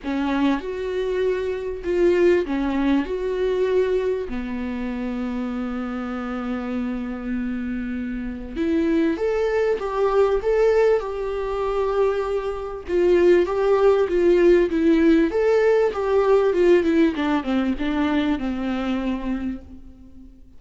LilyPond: \new Staff \with { instrumentName = "viola" } { \time 4/4 \tempo 4 = 98 cis'4 fis'2 f'4 | cis'4 fis'2 b4~ | b1~ | b2 e'4 a'4 |
g'4 a'4 g'2~ | g'4 f'4 g'4 f'4 | e'4 a'4 g'4 f'8 e'8 | d'8 c'8 d'4 c'2 | }